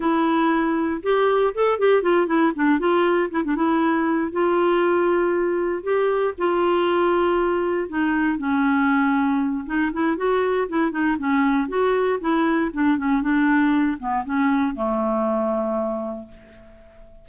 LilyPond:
\new Staff \with { instrumentName = "clarinet" } { \time 4/4 \tempo 4 = 118 e'2 g'4 a'8 g'8 | f'8 e'8 d'8 f'4 e'16 d'16 e'4~ | e'8 f'2. g'8~ | g'8 f'2. dis'8~ |
dis'8 cis'2~ cis'8 dis'8 e'8 | fis'4 e'8 dis'8 cis'4 fis'4 | e'4 d'8 cis'8 d'4. b8 | cis'4 a2. | }